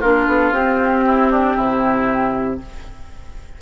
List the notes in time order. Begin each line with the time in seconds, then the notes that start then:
0.00 A#3 D4 F4 A#4
0.26 B3 A4
0.51 C4 G4
1.06 E4
1.31 D4
1.56 C3 E4